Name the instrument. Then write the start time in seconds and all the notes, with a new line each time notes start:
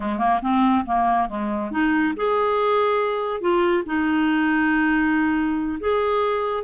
clarinet
0.00 G#3
0.18 A#3
0.41 C4
0.85 A#3
1.28 G#3
1.71 D#4
2.16 G#4
3.40 F4
3.86 D#4
5.80 G#4